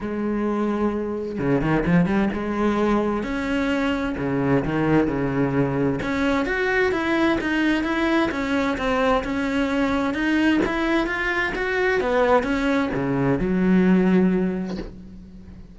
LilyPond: \new Staff \with { instrumentName = "cello" } { \time 4/4 \tempo 4 = 130 gis2. cis8 dis8 | f8 g8 gis2 cis'4~ | cis'4 cis4 dis4 cis4~ | cis4 cis'4 fis'4 e'4 |
dis'4 e'4 cis'4 c'4 | cis'2 dis'4 e'4 | f'4 fis'4 b4 cis'4 | cis4 fis2. | }